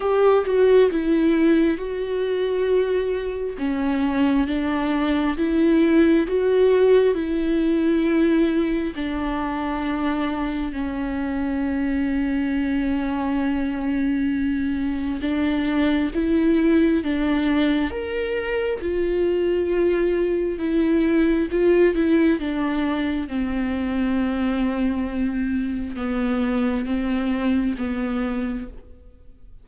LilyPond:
\new Staff \with { instrumentName = "viola" } { \time 4/4 \tempo 4 = 67 g'8 fis'8 e'4 fis'2 | cis'4 d'4 e'4 fis'4 | e'2 d'2 | cis'1~ |
cis'4 d'4 e'4 d'4 | ais'4 f'2 e'4 | f'8 e'8 d'4 c'2~ | c'4 b4 c'4 b4 | }